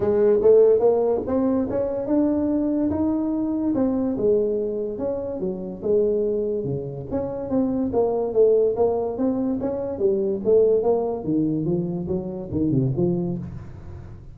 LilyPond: \new Staff \with { instrumentName = "tuba" } { \time 4/4 \tempo 4 = 144 gis4 a4 ais4 c'4 | cis'4 d'2 dis'4~ | dis'4 c'4 gis2 | cis'4 fis4 gis2 |
cis4 cis'4 c'4 ais4 | a4 ais4 c'4 cis'4 | g4 a4 ais4 dis4 | f4 fis4 dis8 c8 f4 | }